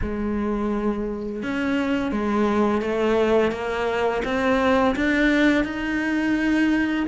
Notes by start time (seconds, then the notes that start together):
0.01 G#3
1.42 C#4
2.11 G#3
2.81 A3
3.51 A#3
4.24 C4
4.95 D4
5.64 D#4